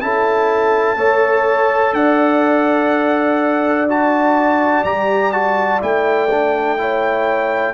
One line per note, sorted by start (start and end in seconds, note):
0.00 0.96 C#4
0.00 0.97 E4
0.00 0.98 A4
0.00 1.94 A5
0.96 1.93 A3
0.96 3.88 A4
0.96 1.95 C#5
1.93 4.83 D4
1.93 6.79 D5
1.93 3.87 F#5
3.89 4.85 F#4
3.89 4.84 A5
4.84 5.80 G3
4.84 5.33 G4
4.84 5.32 A#5
5.32 5.80 F#4
5.32 5.80 A5
5.80 7.74 A3
5.80 6.29 E4
5.80 7.74 G5
6.31 6.78 D4
6.78 7.74 E4
6.78 7.74 C#5